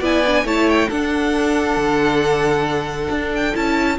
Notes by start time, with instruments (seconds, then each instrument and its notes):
0.00 cello B3, viola E4, violin D5 G#5
0.26 viola D4
0.44 cello A3, viola E4, violin C#5 A5
0.69 violin G5
0.88 cello D4, viola D4, violin A4 F#5
1.76 cello D3
3.10 cello D4
3.35 violin G5
3.54 cello C#4, viola E4, violin A5